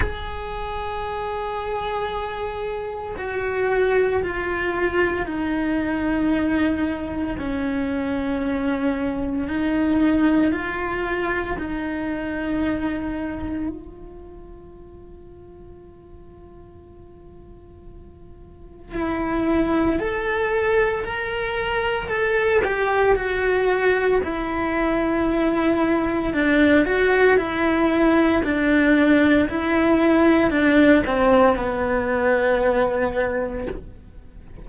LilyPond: \new Staff \with { instrumentName = "cello" } { \time 4/4 \tempo 4 = 57 gis'2. fis'4 | f'4 dis'2 cis'4~ | cis'4 dis'4 f'4 dis'4~ | dis'4 f'2.~ |
f'2 e'4 a'4 | ais'4 a'8 g'8 fis'4 e'4~ | e'4 d'8 fis'8 e'4 d'4 | e'4 d'8 c'8 b2 | }